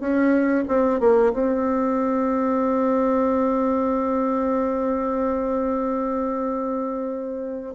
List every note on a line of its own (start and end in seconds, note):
0.00 0.65 C#4
0.68 1.00 C4
1.00 1.33 A#3
1.33 7.75 C4